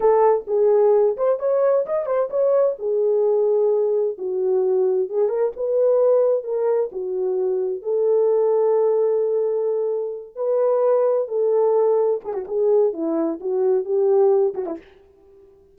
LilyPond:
\new Staff \with { instrumentName = "horn" } { \time 4/4 \tempo 4 = 130 a'4 gis'4. c''8 cis''4 | dis''8 c''8 cis''4 gis'2~ | gis'4 fis'2 gis'8 ais'8 | b'2 ais'4 fis'4~ |
fis'4 a'2.~ | a'2~ a'8 b'4.~ | b'8 a'2 gis'16 fis'16 gis'4 | e'4 fis'4 g'4. fis'16 e'16 | }